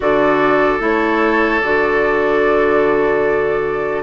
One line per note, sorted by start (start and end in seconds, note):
0.00 0.80 D3
0.00 0.79 F#4
0.00 4.03 A4
0.00 0.82 D5
0.79 1.61 A3
0.79 1.60 E4
0.79 1.60 C#5
1.60 4.03 D3
1.60 4.03 F#4
1.60 4.03 D5